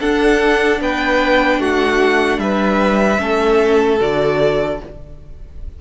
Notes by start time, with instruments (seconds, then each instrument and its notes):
0.00 viola D4, cello D4, violin A4 F#5
0.81 cello B3, violin B4 G5
1.59 cello A3, violin F#4 F#5
2.38 cello G3, violin B4 E5
3.18 cello A3, viola C#4, violin A4
4.00 cello D3, viola F#4, violin D5